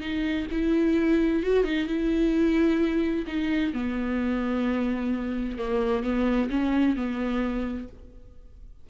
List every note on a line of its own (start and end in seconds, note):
0.00 0.46 D#4
0.51 1.43 E4
1.43 1.64 F#4
1.64 1.87 D#4
1.87 3.25 E4
3.27 3.73 D#4
3.73 5.58 B3
5.58 6.03 A#3
6.03 6.49 B3
6.50 6.96 C#4
6.96 7.88 B3